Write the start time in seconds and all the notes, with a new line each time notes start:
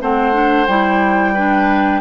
0.00 A3 C4 C5 F#5
0.32 D4
0.66 G3 E4 G5
1.33 D4 B4